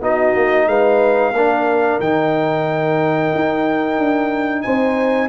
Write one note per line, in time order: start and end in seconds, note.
0.00 0.33 B3
0.00 1.33 D#4
0.00 0.67 F#4
0.00 0.68 D#5
0.35 0.66 A#3
0.66 1.32 G#3
0.66 1.33 B4
0.66 2.00 F5
1.32 1.98 A#3
1.32 2.01 D4
1.32 4.63 A#4
1.99 3.31 D#3
1.99 5.28 D#4
1.99 4.62 G5
3.35 3.98 D#4
3.98 4.64 D4
4.62 5.28 C4
4.62 5.28 C5
4.62 5.28 G#5